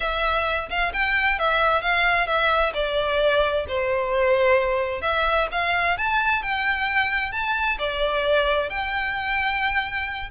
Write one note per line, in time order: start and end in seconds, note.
0.00 0.69 E5
0.69 0.92 F5
0.93 1.38 G5
1.38 1.81 E5
1.81 2.27 F5
2.27 2.72 E5
2.74 3.65 D5
3.68 5.01 C5
5.01 5.47 E5
5.51 5.97 F5
5.97 6.42 A5
6.42 7.32 G5
7.32 7.78 A5
7.78 8.69 D5
8.69 10.29 G5